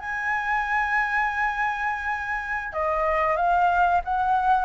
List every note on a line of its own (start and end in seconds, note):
0.00 2.73 G#5
2.73 3.37 D#5
3.37 4.01 F5
4.05 4.65 F#5